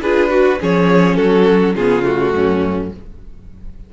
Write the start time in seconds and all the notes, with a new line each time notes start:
0.00 D4 F4 G#4 B4
0.30 F#4
0.60 F3 C#4 G#4 C#5
1.16 F#3 F#4 A4
1.75 C#3 B3 F4 G#4
2.03 A3 F#4
2.33 F#2 C#4